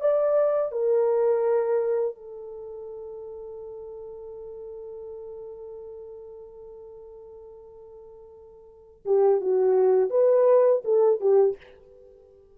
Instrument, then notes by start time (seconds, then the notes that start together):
horn
0.00 D5
0.71 A#4
2.15 A4
9.05 G4
9.40 F#4
10.10 B4
10.84 A4
11.20 G4